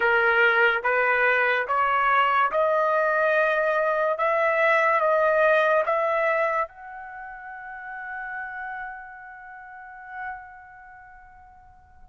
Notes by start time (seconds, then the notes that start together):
0.00 A#4
0.83 B4
1.67 C#5
2.51 D#5
4.18 E5
5.00 D#5
5.85 E5
6.67 F#5